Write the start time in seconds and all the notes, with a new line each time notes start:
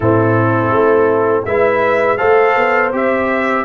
0.00 A2 C4 E4 A4
0.70 A3
1.45 G#3 E4 B4 E5
2.17 A3 A4 C5 F5
2.56 B3
2.92 C4 G4 E5